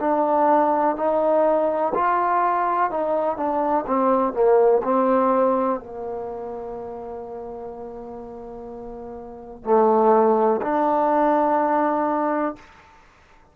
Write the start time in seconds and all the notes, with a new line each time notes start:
0.00 D4
0.96 D#4
1.94 F4
2.90 D#4
3.37 D4
3.87 C4
4.33 A#3
4.83 C4
5.80 A#3
9.64 A3
10.62 D4